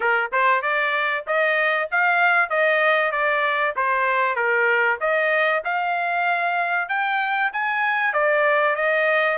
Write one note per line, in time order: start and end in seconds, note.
0.00 0.31 A#4
0.32 0.62 C5
0.62 1.24 D5
1.26 1.89 D#5
1.91 2.49 F5
2.49 3.11 D#5
3.11 3.74 D5
3.76 4.35 C5
4.35 4.98 A#4
5.00 5.62 D#5
5.64 6.88 F5
6.88 7.51 G5
7.52 8.12 G#5
8.12 8.75 D5
8.75 9.37 D#5